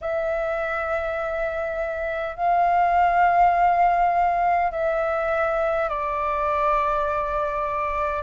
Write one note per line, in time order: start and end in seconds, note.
0.01 2.36 E5
2.36 4.71 F5
4.71 5.88 E5
5.88 8.22 D5